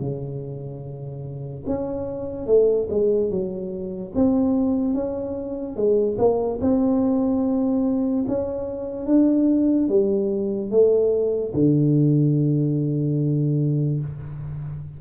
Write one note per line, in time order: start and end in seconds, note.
0.00 1.64 C#3
1.67 2.47 C#4
2.47 2.88 A3
2.90 3.30 G#3
3.30 4.12 F#3
4.15 4.94 C4
4.94 5.76 C#4
5.76 6.17 G#3
6.18 6.59 A#3
6.61 8.25 C4
8.28 9.06 C#4
9.06 9.89 D4
9.89 10.71 G3
10.71 11.53 A3
11.54 14.00 D3